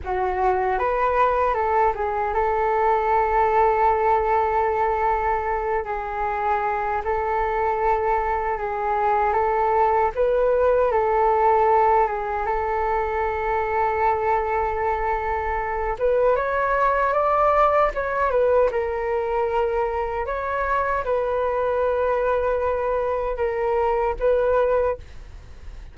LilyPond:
\new Staff \with { instrumentName = "flute" } { \time 4/4 \tempo 4 = 77 fis'4 b'4 a'8 gis'8 a'4~ | a'2.~ a'8 gis'8~ | gis'4 a'2 gis'4 | a'4 b'4 a'4. gis'8 |
a'1~ | a'8 b'8 cis''4 d''4 cis''8 b'8 | ais'2 cis''4 b'4~ | b'2 ais'4 b'4 | }